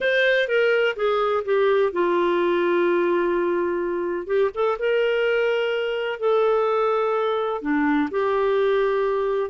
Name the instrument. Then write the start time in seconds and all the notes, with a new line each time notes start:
clarinet
0.00 C5
0.48 A#4
0.96 G#4
1.44 G4
1.92 F4
4.26 G4
4.54 A4
4.78 A#4
6.19 A4
7.61 D4
8.10 G4